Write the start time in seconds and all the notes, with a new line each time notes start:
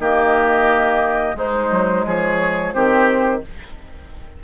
0.00 D#3 A#3 G4 D#5
1.35 G#3 D#4 C5
1.71 F#3
2.06 F3 G#4 C#5
2.74 D#3 C4 G4 C5